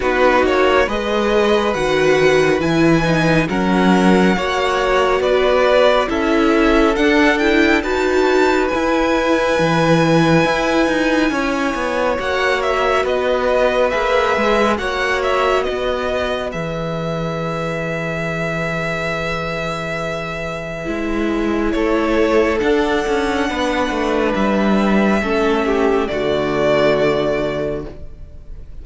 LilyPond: <<
  \new Staff \with { instrumentName = "violin" } { \time 4/4 \tempo 4 = 69 b'8 cis''8 dis''4 fis''4 gis''4 | fis''2 d''4 e''4 | fis''8 g''8 a''4 gis''2~ | gis''2 fis''8 e''8 dis''4 |
e''4 fis''8 e''8 dis''4 e''4~ | e''1~ | e''4 cis''4 fis''2 | e''2 d''2 | }
  \new Staff \with { instrumentName = "violin" } { \time 4/4 fis'4 b'2. | ais'4 cis''4 b'4 a'4~ | a'4 b'2.~ | b'4 cis''2 b'4~ |
b'4 cis''4 b'2~ | b'1~ | b'4 a'2 b'4~ | b'4 a'8 g'8 fis'2 | }
  \new Staff \with { instrumentName = "viola" } { \time 4/4 dis'4 gis'4 fis'4 e'8 dis'8 | cis'4 fis'2 e'4 | d'8 e'8 fis'4 e'2~ | e'2 fis'2 |
gis'4 fis'2 gis'4~ | gis'1 | e'2 d'2~ | d'4 cis'4 a2 | }
  \new Staff \with { instrumentName = "cello" } { \time 4/4 b8 ais8 gis4 dis4 e4 | fis4 ais4 b4 cis'4 | d'4 dis'4 e'4 e4 | e'8 dis'8 cis'8 b8 ais4 b4 |
ais8 gis8 ais4 b4 e4~ | e1 | gis4 a4 d'8 cis'8 b8 a8 | g4 a4 d2 | }
>>